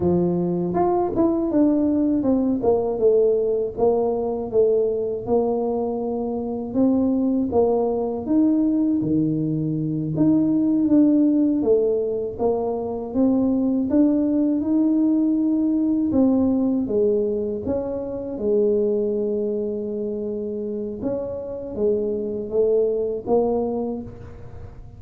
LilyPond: \new Staff \with { instrumentName = "tuba" } { \time 4/4 \tempo 4 = 80 f4 f'8 e'8 d'4 c'8 ais8 | a4 ais4 a4 ais4~ | ais4 c'4 ais4 dis'4 | dis4. dis'4 d'4 a8~ |
a8 ais4 c'4 d'4 dis'8~ | dis'4. c'4 gis4 cis'8~ | cis'8 gis2.~ gis8 | cis'4 gis4 a4 ais4 | }